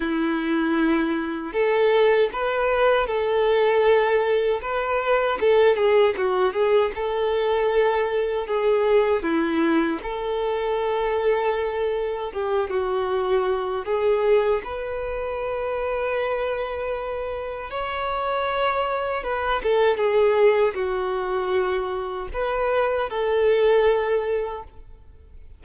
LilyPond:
\new Staff \with { instrumentName = "violin" } { \time 4/4 \tempo 4 = 78 e'2 a'4 b'4 | a'2 b'4 a'8 gis'8 | fis'8 gis'8 a'2 gis'4 | e'4 a'2. |
g'8 fis'4. gis'4 b'4~ | b'2. cis''4~ | cis''4 b'8 a'8 gis'4 fis'4~ | fis'4 b'4 a'2 | }